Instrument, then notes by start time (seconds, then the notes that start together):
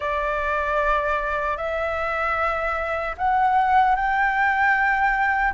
flute
0.00 D5
1.57 E5
3.17 F#5
3.95 G5